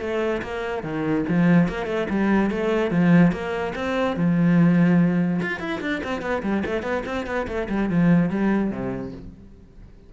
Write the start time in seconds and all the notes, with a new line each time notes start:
0.00 A3
0.42 A#3
0.83 D#3
1.28 F3
1.68 A#3
1.86 A3
2.09 G3
2.50 A3
2.91 F3
3.32 A#3
3.75 C4
4.16 F3
5.42 F4
5.59 E4
5.80 D4
6.03 C4
6.21 B3
6.42 G3
6.65 A3
6.82 B3
7.05 C4
7.26 B3
7.47 A3
7.69 G3
7.89 F3
8.29 G3
8.70 C3